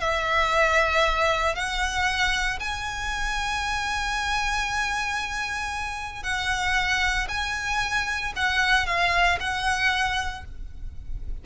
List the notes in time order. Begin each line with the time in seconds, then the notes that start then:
0.00 E5
1.55 F#5
2.60 G#5
6.23 F#5
7.29 G#5
8.36 F#5
8.86 F5
9.40 F#5